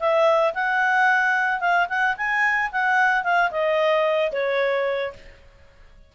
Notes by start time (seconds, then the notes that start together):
0.00 E5
0.55 F#5
1.61 F5
1.89 F#5
2.17 G#5
2.72 F#5
3.24 F5
3.51 D#5
4.32 C#5